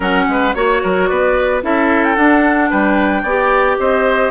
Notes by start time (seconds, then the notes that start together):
0.00 F#3 C#4 A#4 F#5
0.27 G#3 B4
0.53 A#3 F#4 C#5
0.82 F#3 A#4
1.06 B3 B4 D5
1.61 C#4 E4 A4 E5
2.04 G5
2.15 D4 F#5
2.70 G3 B4 G5
3.22 B3 G4 D5
3.79 C4 C5 D#5